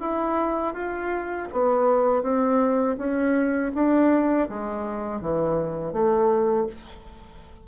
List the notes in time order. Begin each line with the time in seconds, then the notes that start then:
0.00 E4
0.74 F4
1.53 B3
2.23 C4
2.98 C#4
3.75 D4
4.49 G#3
5.21 E3
5.93 A3